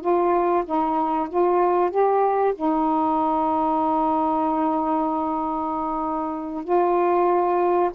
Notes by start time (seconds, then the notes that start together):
0.00 F4
0.65 D#4
1.29 F4
1.90 G4
2.54 D#4
6.64 F4